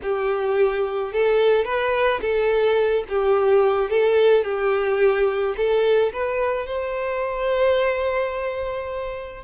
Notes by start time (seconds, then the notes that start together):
0.02 G4
1.12 A4
1.65 B4
2.21 A4
3.08 G4
3.89 A4
4.44 G4
5.57 A4
6.13 B4
6.66 C5